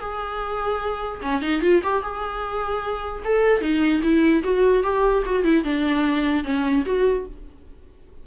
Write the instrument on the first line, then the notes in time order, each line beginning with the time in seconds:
viola
0.00 G#4
1.22 C#4
1.41 D#4
1.62 F4
1.83 G4
2.02 G#4
3.24 A4
3.61 D#4
4.02 E4
4.43 F#4
4.83 G4
5.26 F#4
5.44 E4
5.64 D4
6.44 C#4
6.85 F#4